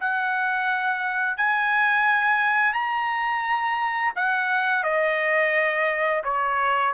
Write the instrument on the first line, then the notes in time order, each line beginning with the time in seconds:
trumpet
0.00 F#5
1.37 G#5
2.73 A#5
4.16 F#5
4.83 D#5
6.24 C#5